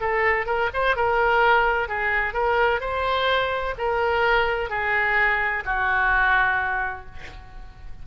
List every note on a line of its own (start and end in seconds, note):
0.00 0.46 A4
0.46 0.69 A#4
0.73 0.96 C5
0.96 1.88 A#4
1.88 2.34 G#4
2.34 2.80 A#4
2.80 3.74 C5
3.78 4.70 A#4
4.70 5.63 G#4
5.65 7.05 F#4